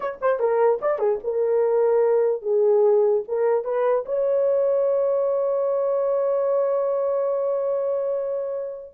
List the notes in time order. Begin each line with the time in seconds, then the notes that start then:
0.00 C#5
0.21 C5
0.39 A#4
0.81 D5
0.98 G#4
1.23 A#4
2.42 G#4
3.28 A#4
3.64 B4
4.05 C#5